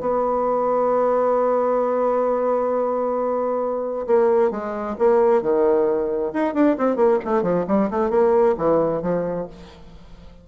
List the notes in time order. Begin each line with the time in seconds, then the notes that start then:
0.00 B3
4.07 A#3
4.51 G#3
4.98 A#3
5.42 D#3
6.33 D#4
6.54 D4
6.78 C4
6.96 A#3
7.24 A3
7.42 F3
7.67 G3
7.90 A3
8.10 A#3
8.58 E3
9.02 F3